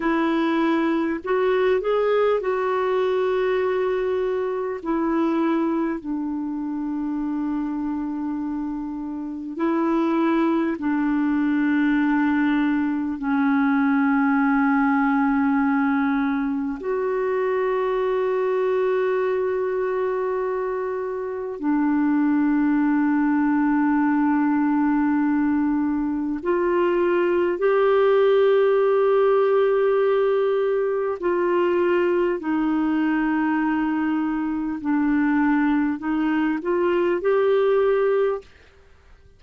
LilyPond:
\new Staff \with { instrumentName = "clarinet" } { \time 4/4 \tempo 4 = 50 e'4 fis'8 gis'8 fis'2 | e'4 d'2. | e'4 d'2 cis'4~ | cis'2 fis'2~ |
fis'2 d'2~ | d'2 f'4 g'4~ | g'2 f'4 dis'4~ | dis'4 d'4 dis'8 f'8 g'4 | }